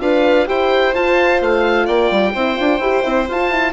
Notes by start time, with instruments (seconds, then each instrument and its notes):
0.00 bassoon D4, horn F4, violin B4, oboe F5
0.46 bassoon E4, horn G4, violin C5, oboe G5
0.94 bassoon F4, horn F4, oboe A5
1.41 bassoon A3, oboe F5
1.85 bassoon A#3, violin D5, oboe G5
2.11 bassoon G3
2.33 bassoon C4, horn E4, violin C5
2.56 bassoon D4, horn F4
2.79 bassoon E4, horn G4
3.03 bassoon C4, horn E4
3.28 bassoon F4, horn F4, oboe A5
3.50 horn E4